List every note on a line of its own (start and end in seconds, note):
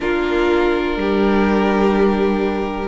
0.00 0.97 A#3
0.00 2.88 D4
0.00 0.98 F4
0.00 2.88 A#4
0.97 2.88 G3
0.97 2.88 G4